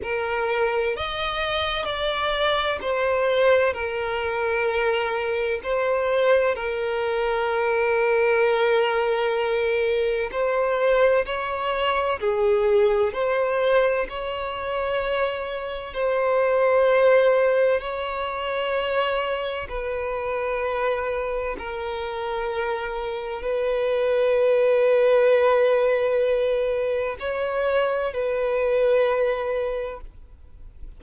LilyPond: \new Staff \with { instrumentName = "violin" } { \time 4/4 \tempo 4 = 64 ais'4 dis''4 d''4 c''4 | ais'2 c''4 ais'4~ | ais'2. c''4 | cis''4 gis'4 c''4 cis''4~ |
cis''4 c''2 cis''4~ | cis''4 b'2 ais'4~ | ais'4 b'2.~ | b'4 cis''4 b'2 | }